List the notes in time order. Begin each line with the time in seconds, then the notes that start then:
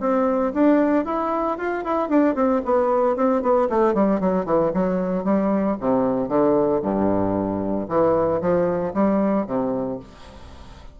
0.00 C4
0.54 D4
1.05 E4
1.58 F4
1.84 E4
2.09 D4
2.35 C4
2.65 B3
3.16 C4
3.42 B3
3.69 A3
3.94 G3
4.20 F#3
4.45 E3
4.74 F#3
5.24 G3
5.80 C3
6.28 D3
6.82 G2
7.89 E3
8.41 F3
8.94 G3
9.47 C3